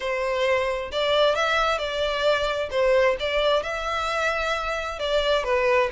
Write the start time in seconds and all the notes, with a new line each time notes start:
0.00 C5
0.91 D5
1.35 E5
1.78 D5
2.70 C5
3.19 D5
3.62 E5
4.99 D5
5.44 B4